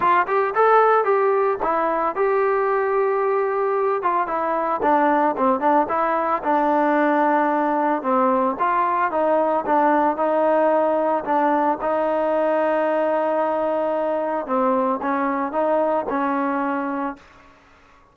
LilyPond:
\new Staff \with { instrumentName = "trombone" } { \time 4/4 \tempo 4 = 112 f'8 g'8 a'4 g'4 e'4 | g'2.~ g'8 f'8 | e'4 d'4 c'8 d'8 e'4 | d'2. c'4 |
f'4 dis'4 d'4 dis'4~ | dis'4 d'4 dis'2~ | dis'2. c'4 | cis'4 dis'4 cis'2 | }